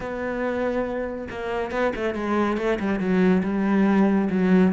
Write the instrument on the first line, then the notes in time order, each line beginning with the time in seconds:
cello
0.00 B3
1.30 A#3
1.71 B3
1.95 A3
2.14 G#3
2.57 A3
2.79 G3
2.99 F#3
3.43 G3
4.30 F#3